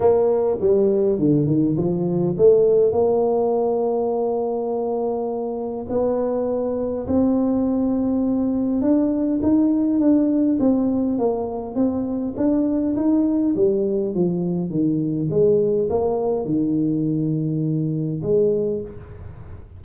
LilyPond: \new Staff \with { instrumentName = "tuba" } { \time 4/4 \tempo 4 = 102 ais4 g4 d8 dis8 f4 | a4 ais2.~ | ais2 b2 | c'2. d'4 |
dis'4 d'4 c'4 ais4 | c'4 d'4 dis'4 g4 | f4 dis4 gis4 ais4 | dis2. gis4 | }